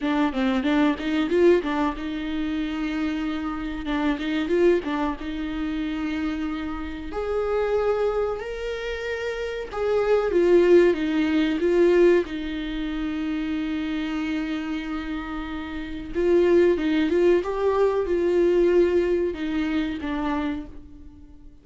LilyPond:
\new Staff \with { instrumentName = "viola" } { \time 4/4 \tempo 4 = 93 d'8 c'8 d'8 dis'8 f'8 d'8 dis'4~ | dis'2 d'8 dis'8 f'8 d'8 | dis'2. gis'4~ | gis'4 ais'2 gis'4 |
f'4 dis'4 f'4 dis'4~ | dis'1~ | dis'4 f'4 dis'8 f'8 g'4 | f'2 dis'4 d'4 | }